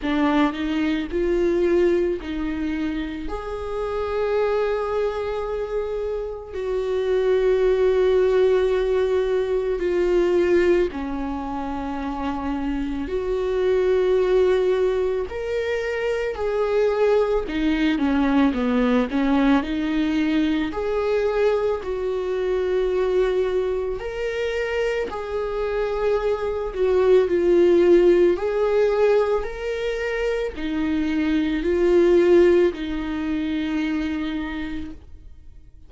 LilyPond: \new Staff \with { instrumentName = "viola" } { \time 4/4 \tempo 4 = 55 d'8 dis'8 f'4 dis'4 gis'4~ | gis'2 fis'2~ | fis'4 f'4 cis'2 | fis'2 ais'4 gis'4 |
dis'8 cis'8 b8 cis'8 dis'4 gis'4 | fis'2 ais'4 gis'4~ | gis'8 fis'8 f'4 gis'4 ais'4 | dis'4 f'4 dis'2 | }